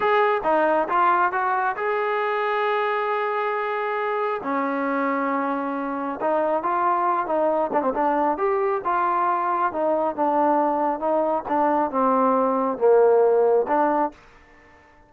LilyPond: \new Staff \with { instrumentName = "trombone" } { \time 4/4 \tempo 4 = 136 gis'4 dis'4 f'4 fis'4 | gis'1~ | gis'2 cis'2~ | cis'2 dis'4 f'4~ |
f'8 dis'4 d'16 c'16 d'4 g'4 | f'2 dis'4 d'4~ | d'4 dis'4 d'4 c'4~ | c'4 ais2 d'4 | }